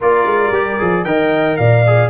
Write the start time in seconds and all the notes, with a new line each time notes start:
0.00 A#3 F4 A#4 D5
0.26 G#3
0.51 G3 G4
0.79 F3 G#4
1.04 D#3 A#4 D#5 G5
1.56 A#2 D5 F5
1.86 G#4